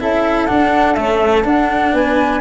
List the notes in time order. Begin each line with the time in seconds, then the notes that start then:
0.00 C#4 E4 A4 E5
0.46 D4 F#5
0.94 A3 C#4 E5
1.44 D4 F#5
1.93 B3 B4 G#5